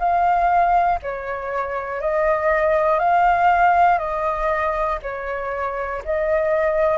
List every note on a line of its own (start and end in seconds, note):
0.00 1.00 F5
1.03 2.01 C#5
2.01 3.00 D#5
3.00 3.99 F5
3.99 4.99 D#5
5.03 6.03 C#5
6.05 6.98 D#5